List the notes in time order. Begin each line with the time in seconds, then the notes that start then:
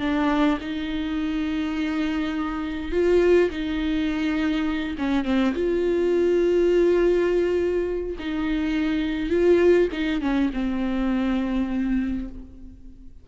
0.00 D4
0.60 D#4
2.92 F4
3.50 D#4
4.98 C#4
5.25 C4
5.54 F4
8.19 D#4
9.30 F4
9.92 D#4
10.21 C#4
10.53 C4